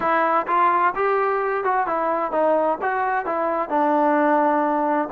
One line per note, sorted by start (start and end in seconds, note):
0.00 0.46 E4
0.47 0.93 F4
0.95 1.64 G4
1.64 1.86 F#4
1.86 2.31 E4
2.31 2.78 D#4
2.81 3.25 F#4
3.25 3.69 E4
3.69 5.08 D4